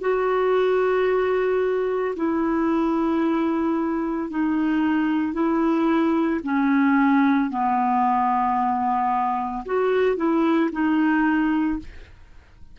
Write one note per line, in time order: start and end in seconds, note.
0.00 2.14 F#4
2.16 4.30 E4
4.30 5.33 D#4
5.33 6.40 E4
6.43 7.50 C#4
7.50 9.64 B3
9.65 10.16 F#4
10.16 10.69 E4
10.71 11.79 D#4